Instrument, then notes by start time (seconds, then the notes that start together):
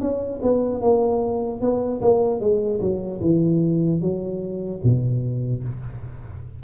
tuba
0.00 C#4
0.42 B3
0.81 A#3
1.61 B3
2.01 A#3
2.40 G#3
2.80 F#3
3.21 E3
4.01 F#3
4.83 B2